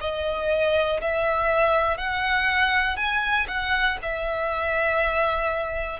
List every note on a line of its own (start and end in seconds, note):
0.00 1.00 D#5
1.01 1.97 E5
1.97 2.96 F#5
2.96 3.46 G#5
3.48 3.98 F#5
4.02 6.00 E5